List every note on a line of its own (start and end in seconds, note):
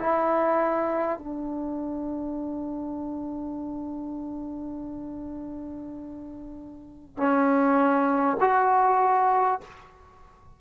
0.00 1.19 E4
1.19 7.18 D4
7.18 8.38 C#4
8.41 9.61 F#4